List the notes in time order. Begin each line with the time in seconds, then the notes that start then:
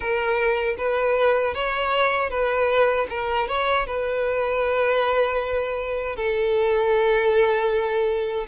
0.00 A#4
0.77 B4
1.54 C#5
2.30 B4
3.09 A#4
3.48 C#5
3.86 B4
6.16 A4